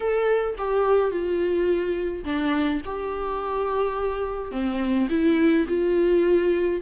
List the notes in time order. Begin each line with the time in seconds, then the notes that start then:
0.00 A4
0.58 G4
1.10 F4
2.24 D4
2.85 G4
4.51 C4
5.09 E4
5.68 F4